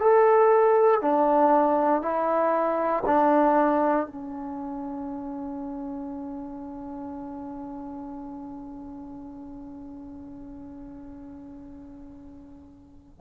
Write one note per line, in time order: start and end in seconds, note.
0.00 1.02 A4
1.02 2.02 D4
2.02 3.04 E4
3.06 4.07 D4
4.07 13.22 C#4